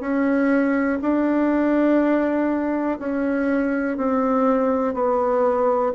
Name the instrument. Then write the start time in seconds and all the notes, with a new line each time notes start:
bassoon
0.00 C#4
1.01 D4
2.99 C#4
3.97 C4
4.94 B3